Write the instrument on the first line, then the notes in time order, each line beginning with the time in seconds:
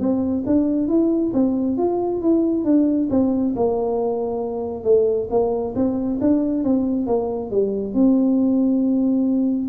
tuba
0.00 C4
0.47 D4
0.88 E4
1.34 C4
1.77 F4
2.21 E4
2.64 D4
3.10 C4
3.56 A#3
4.84 A3
5.30 A#3
5.75 C4
6.21 D4
6.64 C4
7.07 A#3
7.50 G3
7.94 C4